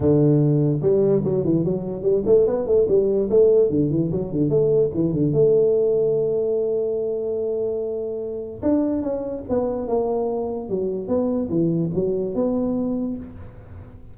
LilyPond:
\new Staff \with { instrumentName = "tuba" } { \time 4/4 \tempo 4 = 146 d2 g4 fis8 e8 | fis4 g8 a8 b8 a8 g4 | a4 d8 e8 fis8 d8 a4 | e8 d8 a2.~ |
a1~ | a4 d'4 cis'4 b4 | ais2 fis4 b4 | e4 fis4 b2 | }